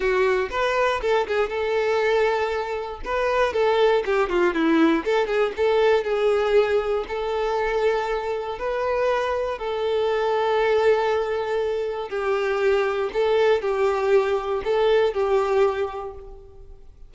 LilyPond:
\new Staff \with { instrumentName = "violin" } { \time 4/4 \tempo 4 = 119 fis'4 b'4 a'8 gis'8 a'4~ | a'2 b'4 a'4 | g'8 f'8 e'4 a'8 gis'8 a'4 | gis'2 a'2~ |
a'4 b'2 a'4~ | a'1 | g'2 a'4 g'4~ | g'4 a'4 g'2 | }